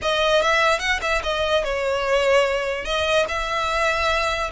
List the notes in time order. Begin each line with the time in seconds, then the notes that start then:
0.01 D#5
0.42 E5
0.79 F#5
1.01 E5
1.23 D#5
1.64 C#5
2.85 D#5
3.28 E5